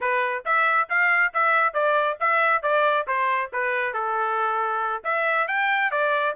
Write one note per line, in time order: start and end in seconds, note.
0.00 0.44 B4
0.45 0.89 E5
0.89 1.33 F5
1.33 1.73 E5
1.73 2.17 D5
2.20 2.62 E5
2.62 3.06 D5
3.07 3.50 C5
3.53 3.93 B4
3.93 5.03 A4
5.04 5.47 E5
5.47 5.91 G5
5.91 6.35 D5